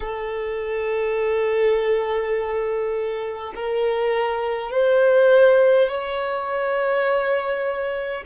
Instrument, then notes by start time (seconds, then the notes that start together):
violin
0.00 A4
3.55 A#4
4.71 C5
5.88 C#5